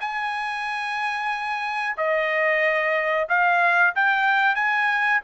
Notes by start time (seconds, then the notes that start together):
0.00 G#5
1.97 D#5
3.28 F5
3.95 G5
4.55 G#5